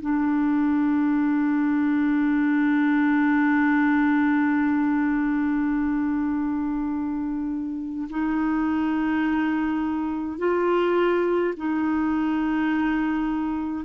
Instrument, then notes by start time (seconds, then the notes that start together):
clarinet
0.00 D4
8.09 D#4
10.38 F4
11.56 D#4